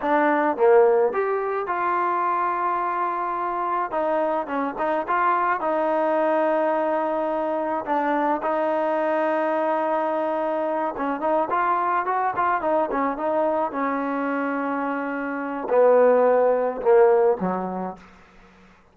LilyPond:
\new Staff \with { instrumentName = "trombone" } { \time 4/4 \tempo 4 = 107 d'4 ais4 g'4 f'4~ | f'2. dis'4 | cis'8 dis'8 f'4 dis'2~ | dis'2 d'4 dis'4~ |
dis'2.~ dis'8 cis'8 | dis'8 f'4 fis'8 f'8 dis'8 cis'8 dis'8~ | dis'8 cis'2.~ cis'8 | b2 ais4 fis4 | }